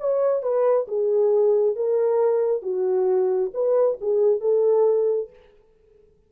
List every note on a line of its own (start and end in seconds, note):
0.00 0.43 C#5
0.43 0.87 B4
0.88 1.76 G#4
1.76 2.62 A#4
2.62 3.51 F#4
3.54 3.98 B4
4.01 4.41 G#4
4.41 5.30 A4